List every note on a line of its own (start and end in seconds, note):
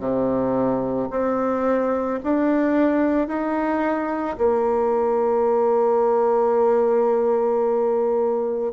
0.00 1.09 C3
1.11 2.20 C4
2.24 3.28 D4
3.28 4.37 D#4
4.38 8.73 A#3